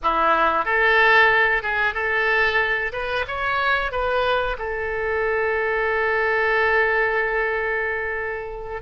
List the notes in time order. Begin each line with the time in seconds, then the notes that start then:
0.02 E4
0.65 A4
1.62 G#4
1.94 A4
2.92 B4
3.27 C#5
3.91 B4
4.58 A4